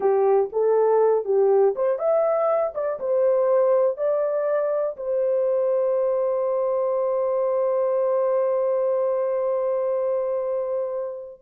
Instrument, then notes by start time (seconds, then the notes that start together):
horn
0.00 G4
0.52 A4
1.24 G4
1.75 C5
1.98 E5
2.74 D5
2.99 C5
3.97 D5
4.97 C5